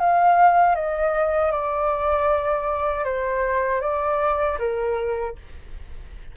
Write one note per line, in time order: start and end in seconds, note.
0.00 0.76 F5
0.76 1.52 D#5
1.52 3.05 D5
3.05 3.81 C5
3.81 4.58 D5
4.59 5.36 A#4